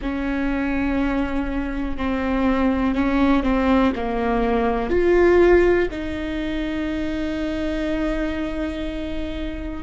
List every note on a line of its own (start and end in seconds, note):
0.01 1.97 C#4
1.97 2.94 C4
2.94 3.43 C#4
3.43 3.92 C4
3.95 4.90 A#3
4.90 5.88 F4
5.91 9.83 D#4